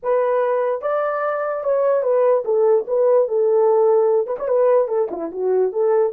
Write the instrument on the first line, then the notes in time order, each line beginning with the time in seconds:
horn
0.02 B4
0.81 D5
1.63 C#5
2.02 B4
2.44 A4
2.87 B4
3.28 A4
4.26 B4
4.38 C#5
4.47 B4
4.88 A4
5.10 E4
5.31 F#4
5.72 A4